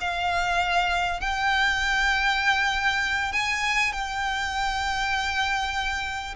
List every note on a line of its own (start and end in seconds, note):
0.00 1.20 F5
1.20 3.32 G5
3.32 3.92 G#5
3.92 6.34 G5